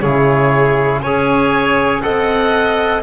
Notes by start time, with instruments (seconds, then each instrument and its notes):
0.00 double bass C#3, trombone E4, violin G#4, oboe C#5
1.02 double bass C#4, trombone G#4, violin C#5, oboe G#5
2.02 double bass C4, trombone A4, violin D#5, oboe F#5